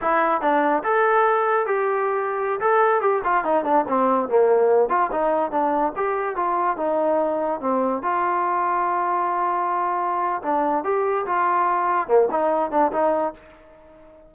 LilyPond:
\new Staff \with { instrumentName = "trombone" } { \time 4/4 \tempo 4 = 144 e'4 d'4 a'2 | g'2~ g'16 a'4 g'8 f'16~ | f'16 dis'8 d'8 c'4 ais4. f'16~ | f'16 dis'4 d'4 g'4 f'8.~ |
f'16 dis'2 c'4 f'8.~ | f'1~ | f'4 d'4 g'4 f'4~ | f'4 ais8 dis'4 d'8 dis'4 | }